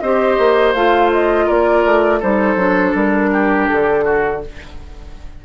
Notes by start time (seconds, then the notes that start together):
0.00 C4 G4 C5 D#5
0.38 A#3
0.74 A3 F4 F5
1.12 D#5
1.46 A#3 A#4 D5
1.85 A3
2.20 G3 D#4 A4 C5
2.56 F#3 D4
2.95 G3 A#4
3.32 G4
3.68 D3 A4
4.05 F#4